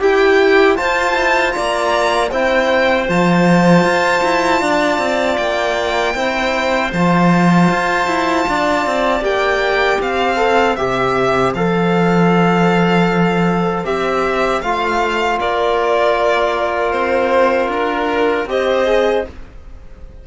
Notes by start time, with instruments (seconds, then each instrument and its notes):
0.00 cello E4, clarinet G4, trombone G4, violin G5
0.76 trombone F4, cello F4, clarinet C5, violin A5
1.14 trombone E4
1.52 cello A#3, trombone F4, clarinet D5, violin A#5
2.31 cello C4, trombone E4, clarinet C5, violin G5
3.09 cello F3, trombone F4, violin A5
3.84 cello F4
4.24 cello E4
4.61 cello D4, clarinet D5
4.99 cello C4
5.38 cello A#3, violin G5
6.15 cello C4, trombone E4, clarinet C5
6.93 cello F3, trombone F4, violin A5
7.70 cello F4
8.07 cello E4
8.49 cello D4, clarinet D5
8.86 cello C4
9.21 cello A#3, trombone G4, violin G5
10.01 cello C4, clarinet C5, violin F5
10.36 trombone A4
10.76 cello C3, trombone G4, violin E5
11.55 cello F3, trombone A4, violin F5
13.85 cello C4, trombone G4, violin E5
14.62 cello A3, trombone F4, violin F5
15.39 cello A#3, clarinet A#4, violin D5
16.92 cello C4, violin C5
17.68 cello D4, violin A#4
18.45 cello C4, trombone G4, clarinet C5, violin D#5
18.86 trombone G#4